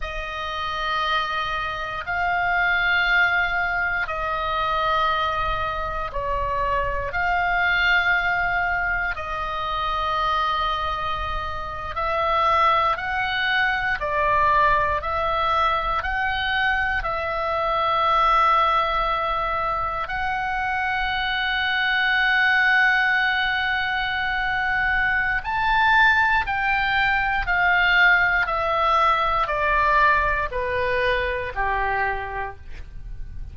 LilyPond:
\new Staff \with { instrumentName = "oboe" } { \time 4/4 \tempo 4 = 59 dis''2 f''2 | dis''2 cis''4 f''4~ | f''4 dis''2~ dis''8. e''16~ | e''8. fis''4 d''4 e''4 fis''16~ |
fis''8. e''2. fis''16~ | fis''1~ | fis''4 a''4 g''4 f''4 | e''4 d''4 b'4 g'4 | }